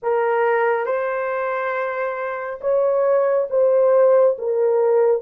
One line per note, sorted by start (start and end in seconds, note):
0.02 0.86 A#4
0.86 2.60 C5
2.60 3.47 C#5
3.49 4.36 C5
4.38 5.22 A#4